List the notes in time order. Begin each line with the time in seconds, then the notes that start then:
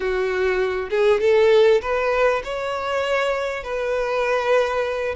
0.00 F#4
0.90 G#4
1.20 A4
1.81 B4
2.44 C#5
3.63 B4